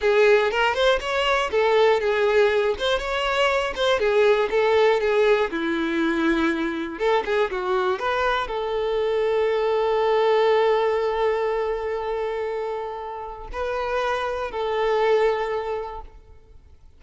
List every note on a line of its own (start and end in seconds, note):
0.01 0.51 G#4
0.51 0.74 A#4
0.74 0.99 C5
1.00 1.50 C#5
1.51 2.00 A4
2.00 2.75 G#4
2.78 2.98 C5
2.98 3.73 C#5
3.75 3.99 C5
3.99 4.49 G#4
4.50 5.00 A4
5.00 5.50 G#4
5.50 6.98 E4
6.98 7.23 A4
7.25 7.50 G#4
7.50 7.99 F#4
7.99 8.47 B4
8.47 13.47 A4
13.52 14.51 B4
14.51 16.01 A4